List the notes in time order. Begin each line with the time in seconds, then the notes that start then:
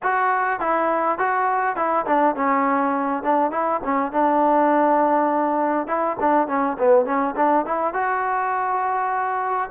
0.02 F#4
0.59 E4
1.18 F#4
1.76 E4
2.06 D4
2.35 C#4
3.23 D4
3.51 E4
3.83 C#4
4.12 D4
5.87 E4
6.20 D4
6.47 C#4
6.78 B3
7.05 C#4
7.36 D4
7.65 E4
7.93 F#4